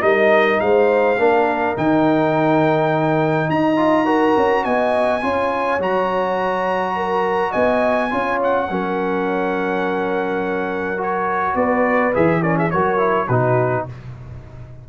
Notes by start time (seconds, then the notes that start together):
0.00 G3 D#4 A#4 D#5
0.60 G#3 C5 F5
1.17 A#3 D4 A#4
1.76 D#3 D#4 G5
3.49 D#4 D#5 A#5
3.76 F4
4.05 F#4 A#4
4.37 C#4
4.64 B3 D#5 G#5
5.21 C#4 F4 C#5
5.79 F#3 F#4 A#5
6.95 A#4
7.50 B3 D#5 G#5
8.10 C#4 F4 C#5
8.43 F#5
8.69 F#3 C#4 A#4
10.97 F#4 C#5
11.55 B3 B4 D5
12.14 E3 G#4 E5
12.42 C#4 A#4 D5
12.57 G#4 E5
12.70 F#3 F#4 A#4 C#5
12.97 E4
13.27 B2 D#4 F#4 B4